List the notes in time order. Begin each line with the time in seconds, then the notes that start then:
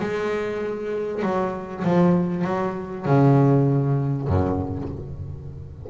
0.00 G#3
1.22 F#3
1.84 F3
2.44 F#3
3.06 C#3
4.27 F#2